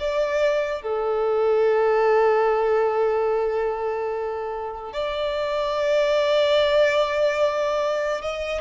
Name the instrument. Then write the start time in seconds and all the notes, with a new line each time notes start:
violin
0.00 D5
0.82 A4
4.93 D5
8.22 D#5